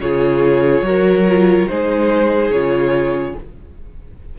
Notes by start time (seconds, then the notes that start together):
0.00 C#3 F4 G#4 C#5
0.81 F#3 F#4 A#4
1.27 F4
1.67 G#3 D#4 G#4 C5
2.50 C#3 F4 C#5